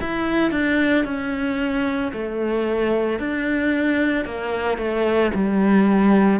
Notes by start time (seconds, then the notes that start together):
0.00 E4
0.51 D4
1.04 C#4
2.12 A3
3.19 D4
4.25 A#3
4.78 A3
5.34 G3